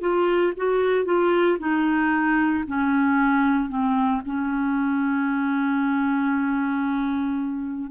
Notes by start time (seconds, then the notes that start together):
0.00 F4
0.56 F#4
1.05 F4
1.58 D#4
2.67 C#4
3.69 C4
4.25 C#4